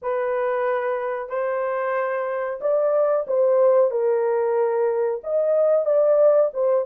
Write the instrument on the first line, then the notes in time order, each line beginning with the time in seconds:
horn
0.01 B4
1.29 C5
2.61 D5
3.27 C5
3.90 A#4
5.23 D#5
5.85 D5
6.53 C5